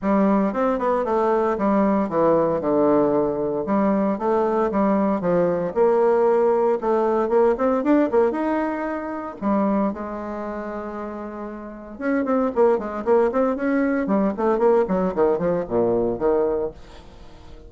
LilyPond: \new Staff \with { instrumentName = "bassoon" } { \time 4/4 \tempo 4 = 115 g4 c'8 b8 a4 g4 | e4 d2 g4 | a4 g4 f4 ais4~ | ais4 a4 ais8 c'8 d'8 ais8 |
dis'2 g4 gis4~ | gis2. cis'8 c'8 | ais8 gis8 ais8 c'8 cis'4 g8 a8 | ais8 fis8 dis8 f8 ais,4 dis4 | }